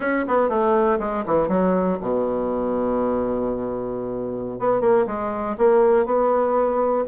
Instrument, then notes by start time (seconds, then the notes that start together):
bassoon
0.00 C#4
0.27 B3
0.49 A3
0.99 G#3
1.26 E3
1.48 F#3
2.00 B2
4.59 B3
4.81 A#3
5.06 G#3
5.57 A#3
6.05 B3